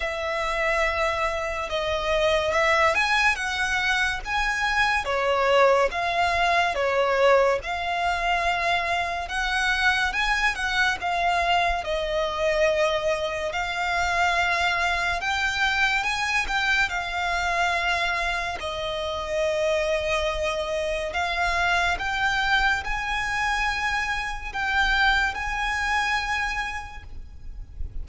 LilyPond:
\new Staff \with { instrumentName = "violin" } { \time 4/4 \tempo 4 = 71 e''2 dis''4 e''8 gis''8 | fis''4 gis''4 cis''4 f''4 | cis''4 f''2 fis''4 | gis''8 fis''8 f''4 dis''2 |
f''2 g''4 gis''8 g''8 | f''2 dis''2~ | dis''4 f''4 g''4 gis''4~ | gis''4 g''4 gis''2 | }